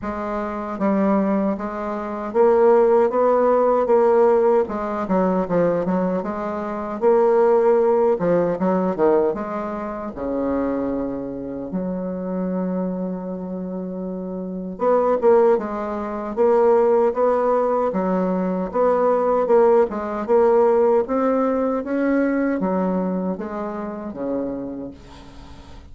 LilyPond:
\new Staff \with { instrumentName = "bassoon" } { \time 4/4 \tempo 4 = 77 gis4 g4 gis4 ais4 | b4 ais4 gis8 fis8 f8 fis8 | gis4 ais4. f8 fis8 dis8 | gis4 cis2 fis4~ |
fis2. b8 ais8 | gis4 ais4 b4 fis4 | b4 ais8 gis8 ais4 c'4 | cis'4 fis4 gis4 cis4 | }